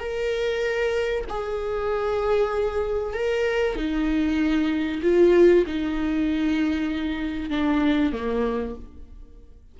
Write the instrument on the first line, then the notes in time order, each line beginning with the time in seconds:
viola
0.00 A#4
1.29 G#4
3.14 A#4
3.76 D#4
5.03 F4
5.66 D#4
7.50 D4
8.12 A#3